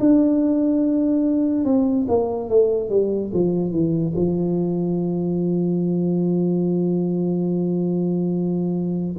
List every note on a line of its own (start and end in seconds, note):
0.00 1.65 D4
1.65 2.07 C4
2.09 2.49 A#3
2.49 2.90 A3
2.90 3.31 G3
3.34 3.72 F3
3.72 4.14 E3
4.16 9.16 F3